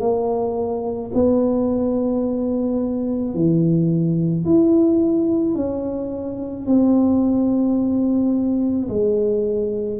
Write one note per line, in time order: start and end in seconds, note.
0.00 1.11 A#3
1.14 3.34 B3
3.34 4.45 E3
4.45 5.55 E4
5.55 6.66 C#4
6.66 8.88 C4
8.89 9.99 G#3